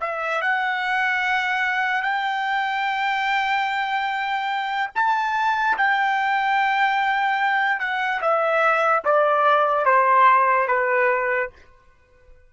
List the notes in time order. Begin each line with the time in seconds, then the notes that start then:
0.00 E5
0.41 F#5
2.02 G5
4.95 A5
5.77 G5
7.79 F#5
8.21 E5
9.05 D5
9.85 C5
10.67 B4